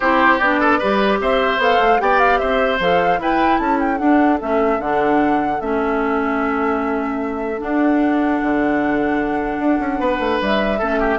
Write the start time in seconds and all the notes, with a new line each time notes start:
0.00 C4 E4 G4 C5
0.38 B3 D4 D5
0.60 A4
0.78 G3 G4 B4
1.20 C4 C5 E5
1.57 B3 A4 F5
1.79 A3
1.98 B3 G4 D5 G5
2.19 F5
2.38 C4 C5 E5
2.79 F3 A4 F5
3.18 E4 B4 G5
3.58 C#4 A4 A5
3.79 G5
3.98 D4 F#5
4.40 A3 C#4 E5
4.79 D3 D4 F#5
5.60 A3 C#4 E5
7.57 D4 F#5
8.42 D3
9.58 D4
9.79 C#4
9.99 B3 B4
10.19 A3
10.41 G3 E5
10.79 A3 C#4 A4
11.00 G4